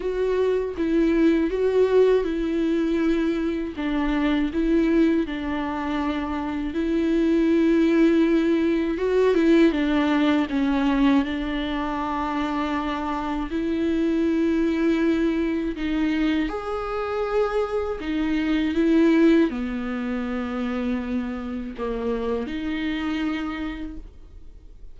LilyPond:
\new Staff \with { instrumentName = "viola" } { \time 4/4 \tempo 4 = 80 fis'4 e'4 fis'4 e'4~ | e'4 d'4 e'4 d'4~ | d'4 e'2. | fis'8 e'8 d'4 cis'4 d'4~ |
d'2 e'2~ | e'4 dis'4 gis'2 | dis'4 e'4 b2~ | b4 ais4 dis'2 | }